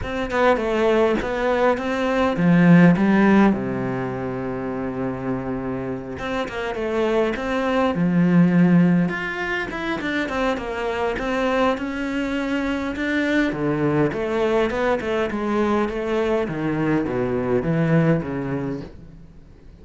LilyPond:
\new Staff \with { instrumentName = "cello" } { \time 4/4 \tempo 4 = 102 c'8 b8 a4 b4 c'4 | f4 g4 c2~ | c2~ c8 c'8 ais8 a8~ | a8 c'4 f2 f'8~ |
f'8 e'8 d'8 c'8 ais4 c'4 | cis'2 d'4 d4 | a4 b8 a8 gis4 a4 | dis4 b,4 e4 cis4 | }